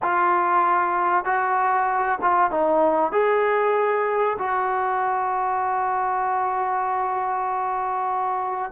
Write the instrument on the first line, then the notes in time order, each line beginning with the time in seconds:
trombone
0.02 F4
1.24 F#4
2.21 F4
2.51 D#4
3.12 G#4
4.38 F#4